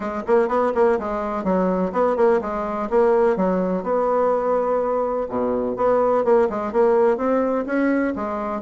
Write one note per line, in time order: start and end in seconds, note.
0.00 0.22 G#3
0.26 0.48 A#3
0.48 0.72 B3
0.74 0.98 A#3
0.99 1.44 G#3
1.44 1.92 F#3
1.92 2.16 B3
2.16 2.40 A#3
2.41 2.89 G#3
2.90 3.36 A#3
3.36 3.83 F#3
3.83 5.27 B3
5.28 5.76 B2
5.76 6.24 B3
6.24 6.48 A#3
6.49 6.72 G#3
6.72 7.17 A#3
7.17 7.65 C4
7.66 8.14 C#4
8.15 8.61 G#3